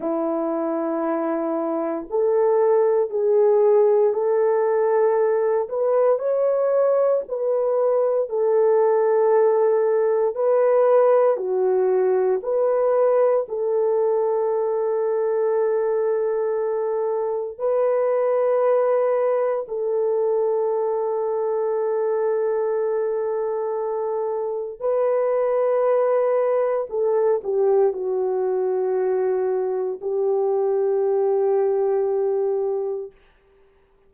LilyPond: \new Staff \with { instrumentName = "horn" } { \time 4/4 \tempo 4 = 58 e'2 a'4 gis'4 | a'4. b'8 cis''4 b'4 | a'2 b'4 fis'4 | b'4 a'2.~ |
a'4 b'2 a'4~ | a'1 | b'2 a'8 g'8 fis'4~ | fis'4 g'2. | }